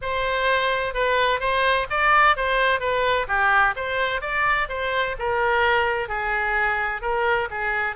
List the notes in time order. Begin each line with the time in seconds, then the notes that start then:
0.01 C5
0.94 B4
1.40 C5
1.90 D5
2.36 C5
2.80 B4
3.27 G4
3.76 C5
4.21 D5
4.69 C5
5.18 A#4
6.08 G#4
7.01 A#4
7.50 G#4